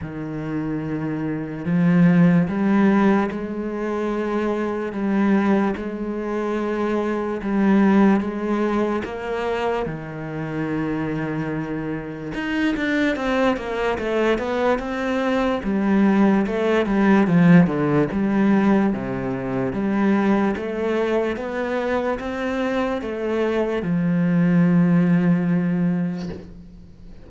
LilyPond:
\new Staff \with { instrumentName = "cello" } { \time 4/4 \tempo 4 = 73 dis2 f4 g4 | gis2 g4 gis4~ | gis4 g4 gis4 ais4 | dis2. dis'8 d'8 |
c'8 ais8 a8 b8 c'4 g4 | a8 g8 f8 d8 g4 c4 | g4 a4 b4 c'4 | a4 f2. | }